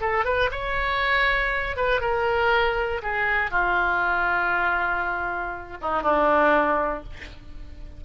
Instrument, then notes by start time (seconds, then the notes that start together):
oboe
0.00 A4
0.24 B4
0.51 C#5
1.76 B4
2.01 A#4
3.02 G#4
3.50 F4
5.81 D#4
6.02 D4